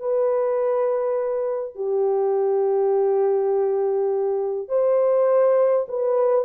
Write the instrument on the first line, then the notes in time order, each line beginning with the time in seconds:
horn
0.00 B4
1.76 G4
4.69 C5
5.89 B4